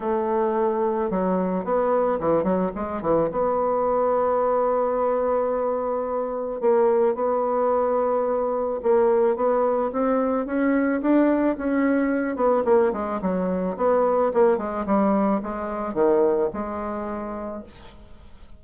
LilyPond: \new Staff \with { instrumentName = "bassoon" } { \time 4/4 \tempo 4 = 109 a2 fis4 b4 | e8 fis8 gis8 e8 b2~ | b1 | ais4 b2. |
ais4 b4 c'4 cis'4 | d'4 cis'4. b8 ais8 gis8 | fis4 b4 ais8 gis8 g4 | gis4 dis4 gis2 | }